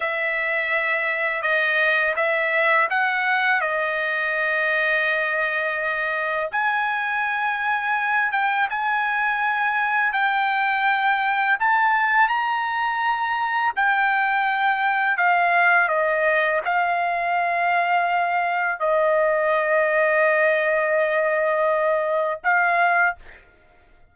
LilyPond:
\new Staff \with { instrumentName = "trumpet" } { \time 4/4 \tempo 4 = 83 e''2 dis''4 e''4 | fis''4 dis''2.~ | dis''4 gis''2~ gis''8 g''8 | gis''2 g''2 |
a''4 ais''2 g''4~ | g''4 f''4 dis''4 f''4~ | f''2 dis''2~ | dis''2. f''4 | }